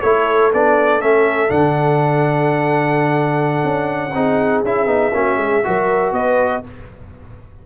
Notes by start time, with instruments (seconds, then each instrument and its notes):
0.00 tuba A3, trombone E4, horn A4, trumpet C#5
0.54 tuba B3, trombone D4, trumpet D5
1.01 tuba A3, trombone C#4, trumpet E5
1.49 tuba D3, trombone D4, trumpet F#5
3.65 tuba C#4
4.14 tuba C4, trombone D#4, horn G#4
4.64 tuba C#4, trombone E4, trumpet E5
4.87 tuba B3, trombone D#4
5.14 tuba A#3, trombone C#4, horn F#4
5.37 tuba G#3, horn G#4
5.64 tuba F#3, trombone F#4, horn A#4
6.13 tuba B3, horn B4, trumpet D#5